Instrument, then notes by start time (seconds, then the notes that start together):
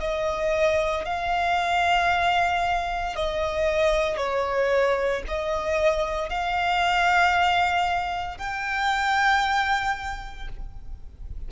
violin
0.00 D#5
1.05 F5
3.16 D#5
4.18 C#5
5.28 D#5
6.30 F5
8.38 G5